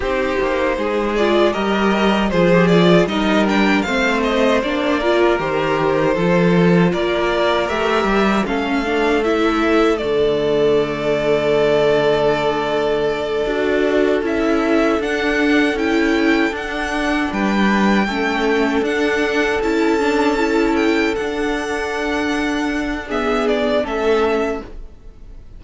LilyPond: <<
  \new Staff \with { instrumentName = "violin" } { \time 4/4 \tempo 4 = 78 c''4. d''8 dis''4 c''8 d''8 | dis''8 g''8 f''8 dis''8 d''4 c''4~ | c''4 d''4 e''4 f''4 | e''4 d''2.~ |
d''2~ d''8 e''4 fis''8~ | fis''8 g''4 fis''4 g''4.~ | g''8 fis''4 a''4. g''8 fis''8~ | fis''2 e''8 d''8 e''4 | }
  \new Staff \with { instrumentName = "violin" } { \time 4/4 g'4 gis'4 ais'4 gis'4 | ais'4 c''4. ais'4. | a'4 ais'2 a'4~ | a'1~ |
a'1~ | a'2~ a'8 b'4 a'8~ | a'1~ | a'2 gis'4 a'4 | }
  \new Staff \with { instrumentName = "viola" } { \time 4/4 dis'4. f'8 g'4 f'16 g'16 f'8 | dis'8 d'8 c'4 d'8 f'8 g'4 | f'2 g'4 cis'8 d'8 | e'4 a2.~ |
a4. fis'4 e'4 d'8~ | d'8 e'4 d'2 cis'8~ | cis'8 d'4 e'8 d'8 e'4 d'8~ | d'2 b4 cis'4 | }
  \new Staff \with { instrumentName = "cello" } { \time 4/4 c'8 ais8 gis4 g4 f4 | g4 a4 ais4 dis4 | f4 ais4 a8 g8 a4~ | a4 d2.~ |
d4. d'4 cis'4 d'8~ | d'8 cis'4 d'4 g4 a8~ | a8 d'4 cis'2 d'8~ | d'2. a4 | }
>>